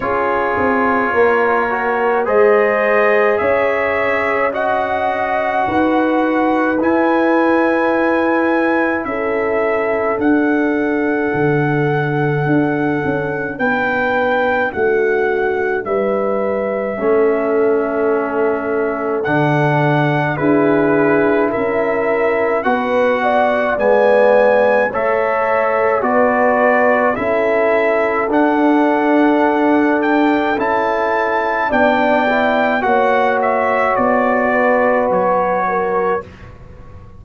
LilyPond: <<
  \new Staff \with { instrumentName = "trumpet" } { \time 4/4 \tempo 4 = 53 cis''2 dis''4 e''4 | fis''2 gis''2 | e''4 fis''2. | g''4 fis''4 e''2~ |
e''4 fis''4 b'4 e''4 | fis''4 gis''4 e''4 d''4 | e''4 fis''4. g''8 a''4 | g''4 fis''8 e''8 d''4 cis''4 | }
  \new Staff \with { instrumentName = "horn" } { \time 4/4 gis'4 ais'4 c''4 cis''4 | dis''4 b'2. | a'1 | b'4 fis'4 b'4 a'4~ |
a'2 gis'4 ais'4 | b'8 d''4. cis''4 b'4 | a'1 | d''4 cis''4. b'4 ais'8 | }
  \new Staff \with { instrumentName = "trombone" } { \time 4/4 f'4. fis'8 gis'2 | fis'2 e'2~ | e'4 d'2.~ | d'2. cis'4~ |
cis'4 d'4 e'2 | fis'4 b4 a'4 fis'4 | e'4 d'2 e'4 | d'8 e'8 fis'2. | }
  \new Staff \with { instrumentName = "tuba" } { \time 4/4 cis'8 c'8 ais4 gis4 cis'4~ | cis'4 dis'4 e'2 | cis'4 d'4 d4 d'8 cis'8 | b4 a4 g4 a4~ |
a4 d4 d'4 cis'4 | b4 gis4 a4 b4 | cis'4 d'2 cis'4 | b4 ais4 b4 fis4 | }
>>